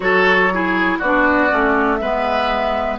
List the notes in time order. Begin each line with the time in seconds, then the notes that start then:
0.00 F#3 F#4 A4 C#5
0.53 E4 G#4
0.98 B3 D4 F#4 D5
1.49 A3 C#4
1.96 G#3 B3 B4 E5